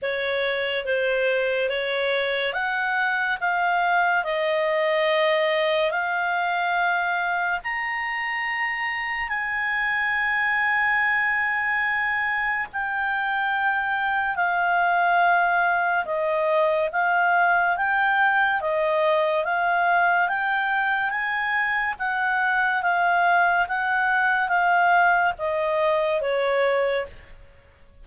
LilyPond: \new Staff \with { instrumentName = "clarinet" } { \time 4/4 \tempo 4 = 71 cis''4 c''4 cis''4 fis''4 | f''4 dis''2 f''4~ | f''4 ais''2 gis''4~ | gis''2. g''4~ |
g''4 f''2 dis''4 | f''4 g''4 dis''4 f''4 | g''4 gis''4 fis''4 f''4 | fis''4 f''4 dis''4 cis''4 | }